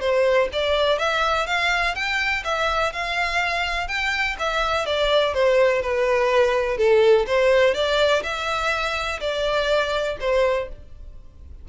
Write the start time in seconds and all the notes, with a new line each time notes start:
0.00 C5
0.52 D5
0.98 E5
1.46 F5
1.94 G5
2.44 E5
2.92 F5
3.87 G5
4.39 E5
4.85 D5
5.33 C5
5.82 B4
6.77 A4
7.26 C5
7.74 D5
8.23 E5
9.20 D5
10.20 C5